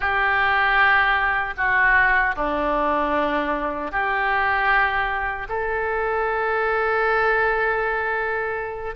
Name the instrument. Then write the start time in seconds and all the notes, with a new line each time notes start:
oboe
0.00 G4
1.57 F#4
2.35 D4
3.91 G4
5.48 A4